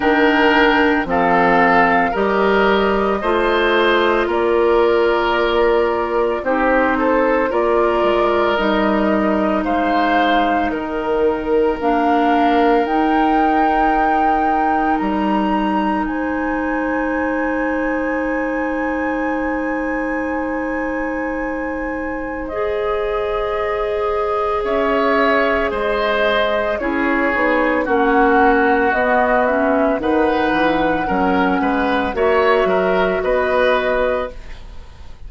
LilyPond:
<<
  \new Staff \with { instrumentName = "flute" } { \time 4/4 \tempo 4 = 56 g''4 f''4 dis''2 | d''2 c''4 d''4 | dis''4 f''4 ais'4 f''4 | g''2 ais''4 gis''4~ |
gis''1~ | gis''4 dis''2 e''4 | dis''4 cis''4 fis''4 dis''8 e''8 | fis''2 e''4 dis''4 | }
  \new Staff \with { instrumentName = "oboe" } { \time 4/4 ais'4 a'4 ais'4 c''4 | ais'2 g'8 a'8 ais'4~ | ais'4 c''4 ais'2~ | ais'2. c''4~ |
c''1~ | c''2. cis''4 | c''4 gis'4 fis'2 | b'4 ais'8 b'8 cis''8 ais'8 b'4 | }
  \new Staff \with { instrumentName = "clarinet" } { \time 4/4 d'4 c'4 g'4 f'4~ | f'2 dis'4 f'4 | dis'2. d'4 | dis'1~ |
dis'1~ | dis'4 gis'2.~ | gis'4 e'8 dis'8 cis'4 b8 cis'8 | dis'4 cis'4 fis'2 | }
  \new Staff \with { instrumentName = "bassoon" } { \time 4/4 dis4 f4 g4 a4 | ais2 c'4 ais8 gis8 | g4 gis4 dis4 ais4 | dis'2 g4 gis4~ |
gis1~ | gis2. cis'4 | gis4 cis'8 b8 ais4 b4 | dis8 e8 fis8 gis8 ais8 fis8 b4 | }
>>